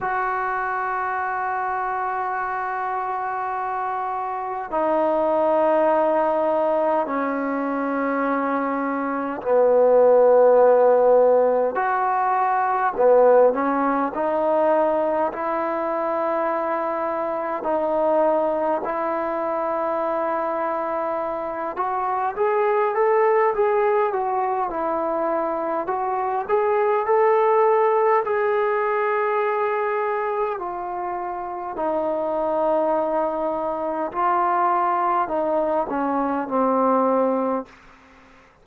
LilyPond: \new Staff \with { instrumentName = "trombone" } { \time 4/4 \tempo 4 = 51 fis'1 | dis'2 cis'2 | b2 fis'4 b8 cis'8 | dis'4 e'2 dis'4 |
e'2~ e'8 fis'8 gis'8 a'8 | gis'8 fis'8 e'4 fis'8 gis'8 a'4 | gis'2 f'4 dis'4~ | dis'4 f'4 dis'8 cis'8 c'4 | }